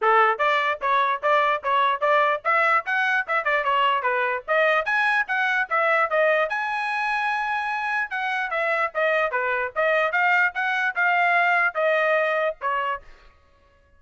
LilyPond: \new Staff \with { instrumentName = "trumpet" } { \time 4/4 \tempo 4 = 148 a'4 d''4 cis''4 d''4 | cis''4 d''4 e''4 fis''4 | e''8 d''8 cis''4 b'4 dis''4 | gis''4 fis''4 e''4 dis''4 |
gis''1 | fis''4 e''4 dis''4 b'4 | dis''4 f''4 fis''4 f''4~ | f''4 dis''2 cis''4 | }